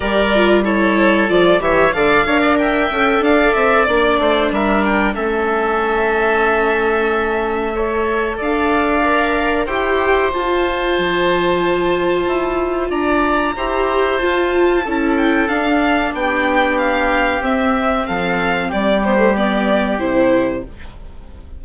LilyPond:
<<
  \new Staff \with { instrumentName = "violin" } { \time 4/4 \tempo 4 = 93 d''4 cis''4 d''8 e''8 f''4 | g''4 f''8 e''8 d''4 e''8 g''8 | e''1~ | e''4 f''2 g''4 |
a''1 | ais''2 a''4. g''8 | f''4 g''4 f''4 e''4 | f''4 d''8 c''8 d''4 c''4 | }
  \new Staff \with { instrumentName = "oboe" } { \time 4/4 ais'4 a'4. cis''8 d''8 cis''16 d''16 | e''4 d''4. c''8 ais'4 | a'1 | cis''4 d''2 c''4~ |
c''1 | d''4 c''2 a'4~ | a'4 g'2. | a'4 g'2. | }
  \new Staff \with { instrumentName = "viola" } { \time 4/4 g'8 f'8 e'4 f'8 g'8 a'8 ais'8~ | ais'8 a'4. d'2 | cis'1 | a'2 ais'4 g'4 |
f'1~ | f'4 g'4 f'4 e'4 | d'2. c'4~ | c'4. b16 a16 b4 e'4 | }
  \new Staff \with { instrumentName = "bassoon" } { \time 4/4 g2 f8 e8 d8 d'8~ | d'8 cis'8 d'8 c'8 ais8 a8 g4 | a1~ | a4 d'2 e'4 |
f'4 f2 e'4 | d'4 e'4 f'4 cis'4 | d'4 b2 c'4 | f4 g2 c4 | }
>>